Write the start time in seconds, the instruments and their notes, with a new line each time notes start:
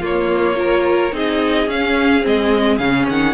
0.00 cello A#3, viola A#3, violin F4 C#5
0.55 viola F4, violin A#4
1.11 cello C4, viola D#4, violin G#4 D#5
1.66 cello C#4, viola C#4, violin F5
2.22 cello G#3, viola C4, violin D#5
2.77 cello C#3, viola C#4, violin F5
3.08 cello D#3, violin F#5